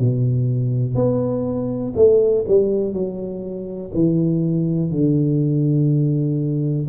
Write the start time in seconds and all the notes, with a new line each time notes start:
0.00 B2
0.95 B3
1.96 A3
2.48 G3
2.93 F#3
3.95 E3
4.91 D3